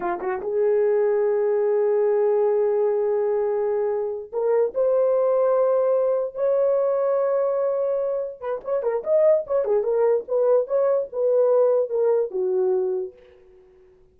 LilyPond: \new Staff \with { instrumentName = "horn" } { \time 4/4 \tempo 4 = 146 f'8 fis'8 gis'2.~ | gis'1~ | gis'2~ gis'8 ais'4 c''8~ | c''2.~ c''8 cis''8~ |
cis''1~ | cis''8 b'8 cis''8 ais'8 dis''4 cis''8 gis'8 | ais'4 b'4 cis''4 b'4~ | b'4 ais'4 fis'2 | }